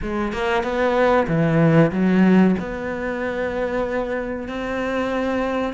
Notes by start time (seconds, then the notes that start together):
0.01 G#3
0.32 A#3
0.63 B3
1.27 E3
1.91 F#3
2.59 B3
4.48 C4